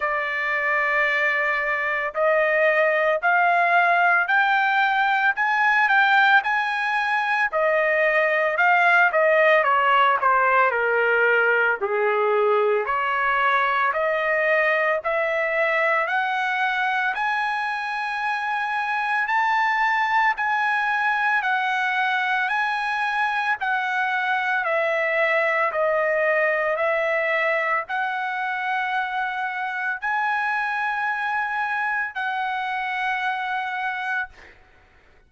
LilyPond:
\new Staff \with { instrumentName = "trumpet" } { \time 4/4 \tempo 4 = 56 d''2 dis''4 f''4 | g''4 gis''8 g''8 gis''4 dis''4 | f''8 dis''8 cis''8 c''8 ais'4 gis'4 | cis''4 dis''4 e''4 fis''4 |
gis''2 a''4 gis''4 | fis''4 gis''4 fis''4 e''4 | dis''4 e''4 fis''2 | gis''2 fis''2 | }